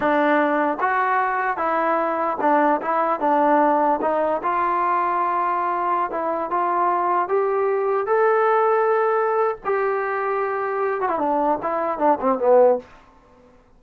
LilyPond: \new Staff \with { instrumentName = "trombone" } { \time 4/4 \tempo 4 = 150 d'2 fis'2 | e'2 d'4 e'4 | d'2 dis'4 f'4~ | f'2.~ f'16 e'8.~ |
e'16 f'2 g'4.~ g'16~ | g'16 a'2.~ a'8. | g'2.~ g'8 fis'16 e'16 | d'4 e'4 d'8 c'8 b4 | }